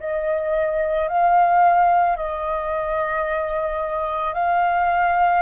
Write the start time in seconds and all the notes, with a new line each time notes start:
0.00 D#5
1.09 F5
2.17 D#5
4.34 F5